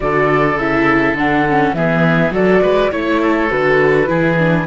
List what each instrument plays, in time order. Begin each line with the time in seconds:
0.00 cello D3, viola F#4, oboe A4, flute D5
0.56 cello C#3, viola E4, flute E5
1.14 cello D3, viola D4, flute F#5
1.49 viola C#4
1.73 cello E3, viola B3, oboe G#4, flute E5
2.30 cello F#3, viola F#4, oboe A4, flute D5
2.62 cello G#3, oboe B4
2.91 cello A3, viola E4, oboe C#5, flute C#5
3.22 oboe A4
3.49 cello D3, viola F#4, flute B4
4.06 cello E3, viola E4, oboe G#4
4.38 viola D4